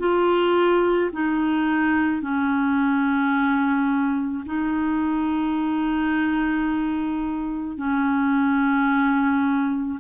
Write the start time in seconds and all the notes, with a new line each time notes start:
0.00 F4
1.13 D#4
2.22 C#4
4.46 D#4
7.78 C#4